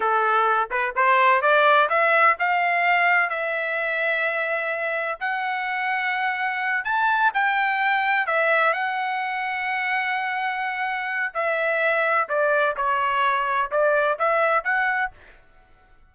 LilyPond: \new Staff \with { instrumentName = "trumpet" } { \time 4/4 \tempo 4 = 127 a'4. b'8 c''4 d''4 | e''4 f''2 e''4~ | e''2. fis''4~ | fis''2~ fis''8 a''4 g''8~ |
g''4. e''4 fis''4.~ | fis''1 | e''2 d''4 cis''4~ | cis''4 d''4 e''4 fis''4 | }